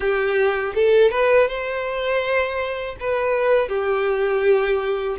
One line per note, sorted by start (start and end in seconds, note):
0.00 0.73 G4
0.74 1.10 A4
1.10 1.47 B4
1.47 2.96 C5
3.00 3.68 B4
3.68 5.16 G4